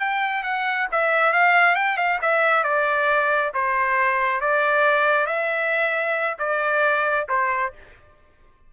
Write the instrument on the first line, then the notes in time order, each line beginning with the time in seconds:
trumpet
0.00 G5
0.44 F#5
0.92 E5
1.33 F5
1.75 G5
1.98 F5
2.22 E5
2.64 D5
3.54 C5
4.41 D5
5.27 E5
6.39 D5
7.29 C5